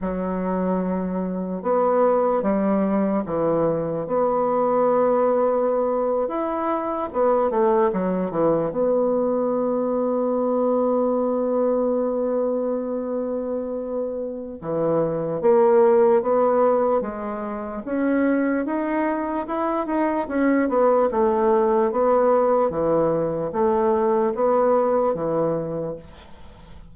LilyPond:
\new Staff \with { instrumentName = "bassoon" } { \time 4/4 \tempo 4 = 74 fis2 b4 g4 | e4 b2~ b8. e'16~ | e'8. b8 a8 fis8 e8 b4~ b16~ | b1~ |
b2 e4 ais4 | b4 gis4 cis'4 dis'4 | e'8 dis'8 cis'8 b8 a4 b4 | e4 a4 b4 e4 | }